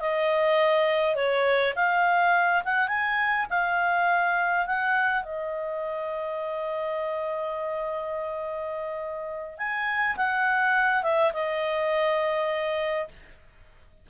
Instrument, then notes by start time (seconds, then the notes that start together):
clarinet
0.00 D#5
1.15 C#5
1.76 F5
2.65 F#5
2.88 G#5
3.50 F5
4.66 F#5
5.23 D#5
9.58 G#5
10.17 F#5
11.03 E5
11.33 D#5